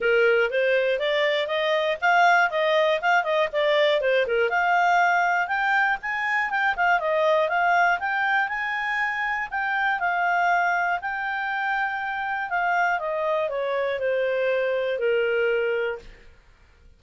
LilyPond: \new Staff \with { instrumentName = "clarinet" } { \time 4/4 \tempo 4 = 120 ais'4 c''4 d''4 dis''4 | f''4 dis''4 f''8 dis''8 d''4 | c''8 ais'8 f''2 g''4 | gis''4 g''8 f''8 dis''4 f''4 |
g''4 gis''2 g''4 | f''2 g''2~ | g''4 f''4 dis''4 cis''4 | c''2 ais'2 | }